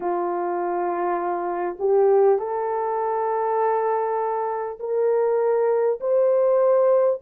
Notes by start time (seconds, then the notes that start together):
0.00 F4
1.79 G4
2.38 A4
4.79 A#4
6.00 C5